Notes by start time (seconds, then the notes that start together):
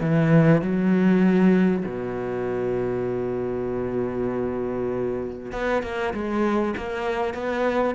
0.00 E3
0.62 F#3
1.85 B2
5.52 B3
5.82 A#3
6.13 G#3
6.76 A#3
7.34 B3